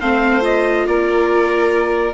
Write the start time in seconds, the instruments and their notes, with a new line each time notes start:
0.00 bassoon A3, viola C4, violin C5, trumpet F5
0.40 viola F4, trumpet D#5
0.86 bassoon A#3, violin A#4, trumpet D5